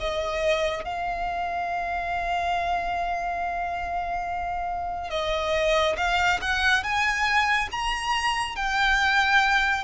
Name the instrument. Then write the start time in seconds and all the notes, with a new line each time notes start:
violin
0.00 D#5
0.85 F5
5.11 D#5
5.97 F5
6.42 F#5
6.84 G#5
7.71 A#5
8.56 G5